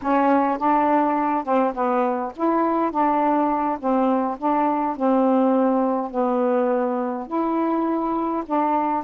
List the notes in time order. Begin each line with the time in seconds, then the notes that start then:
0.02 C#4
0.58 D4
1.44 C4
1.74 B3
2.35 E4
2.91 D4
3.79 C4
4.38 D4
4.96 C4
6.10 B3
7.27 E4
8.46 D4